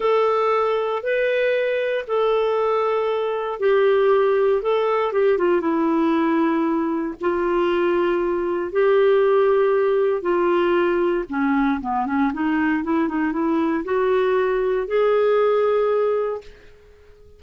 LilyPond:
\new Staff \with { instrumentName = "clarinet" } { \time 4/4 \tempo 4 = 117 a'2 b'2 | a'2. g'4~ | g'4 a'4 g'8 f'8 e'4~ | e'2 f'2~ |
f'4 g'2. | f'2 cis'4 b8 cis'8 | dis'4 e'8 dis'8 e'4 fis'4~ | fis'4 gis'2. | }